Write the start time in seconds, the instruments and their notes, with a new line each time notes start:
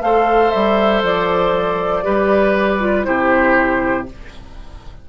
0.00 bassoon A3, clarinet A4, oboe C5, flute F5
0.50 bassoon G3, flute E5
1.02 bassoon F3, flute D5
2.03 bassoon G3, clarinet G4, oboe B4
2.79 clarinet F4
3.03 bassoon C3, clarinet E4, oboe G4, flute C5